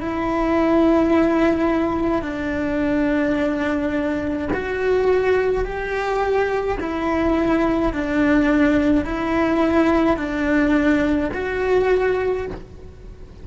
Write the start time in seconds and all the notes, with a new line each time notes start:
0.00 E4
2.22 D4
4.53 F#4
5.64 G4
6.80 E4
7.92 D4
9.05 E4
10.17 D4
11.34 F#4